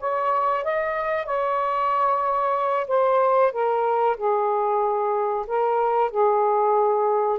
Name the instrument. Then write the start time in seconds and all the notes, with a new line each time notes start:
saxophone
0.00 C#5
0.64 D#5
1.26 C#5
2.88 C5
3.52 A#4
4.17 G#4
5.47 A#4
6.11 G#4